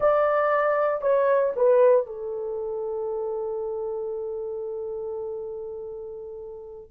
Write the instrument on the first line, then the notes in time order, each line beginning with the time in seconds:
horn
0.00 D5
1.01 C#5
1.56 B4
2.06 A4